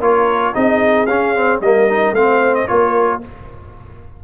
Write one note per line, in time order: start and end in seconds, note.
0.00 0.54 A#3
0.00 0.54 F4
0.00 0.54 A#4
0.00 0.55 C#5
0.54 1.08 C4
0.54 1.08 D#4
0.54 1.63 G#4
0.54 1.06 D#5
1.06 1.61 C#4
1.06 1.35 C#4
1.06 1.60 F5
1.35 1.62 C4
1.61 2.12 G3
1.61 1.89 A#3
1.61 2.16 A#4
1.61 2.15 D#5
1.89 2.16 D#4
2.12 2.66 A3
2.12 2.68 C4
2.12 2.70 C5
2.12 2.55 F5
2.55 2.68 D#5
2.68 3.24 A#3
2.68 3.22 F4
2.68 3.24 A#4
2.68 3.21 C#5